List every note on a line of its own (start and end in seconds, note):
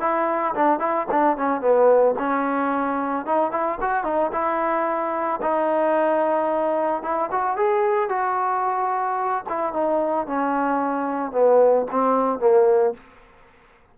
0.00 0.54 E4
0.55 0.79 D4
0.79 1.06 E4
1.11 1.37 D4
1.37 1.61 C#4
1.61 2.15 B3
2.19 3.26 C#4
3.26 3.51 D#4
3.51 3.78 E4
3.81 4.04 F#4
4.04 4.31 D#4
4.32 5.40 E4
5.42 7.02 D#4
7.02 7.29 E4
7.31 7.57 F#4
7.57 8.09 G#4
8.09 9.44 F#4
9.49 9.73 E4
9.73 10.27 D#4
10.27 11.32 C#4
11.32 11.86 B3
11.91 12.40 C4
12.40 12.94 A#3